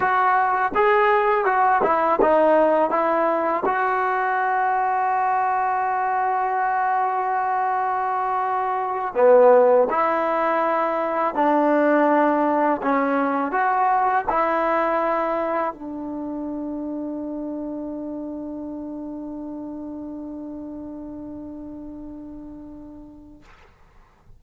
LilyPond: \new Staff \with { instrumentName = "trombone" } { \time 4/4 \tempo 4 = 82 fis'4 gis'4 fis'8 e'8 dis'4 | e'4 fis'2.~ | fis'1~ | fis'8 b4 e'2 d'8~ |
d'4. cis'4 fis'4 e'8~ | e'4. d'2~ d'8~ | d'1~ | d'1 | }